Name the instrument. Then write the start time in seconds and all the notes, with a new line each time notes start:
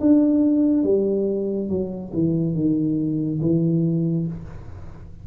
tuba
0.00 D4
0.83 G3
1.69 F#3
2.14 E3
2.54 D#3
3.41 E3